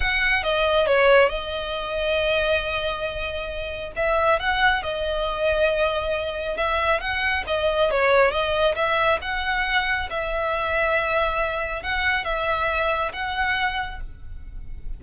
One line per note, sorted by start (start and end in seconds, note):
0.00 0.43 F#5
0.43 0.86 D#5
0.86 1.29 C#5
1.29 3.92 D#5
3.96 4.39 E5
4.39 4.82 F#5
4.82 6.57 D#5
6.57 7.00 E5
7.00 7.44 F#5
7.47 7.90 D#5
7.90 8.31 C#5
8.31 8.75 D#5
8.75 9.19 E5
9.21 10.09 F#5
10.10 11.82 E5
11.82 12.24 F#5
12.24 13.12 E5
13.12 14.00 F#5